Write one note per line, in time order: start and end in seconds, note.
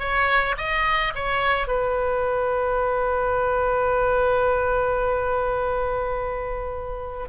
0.00 0.56 C#5
0.58 1.14 D#5
1.15 1.67 C#5
1.67 7.28 B4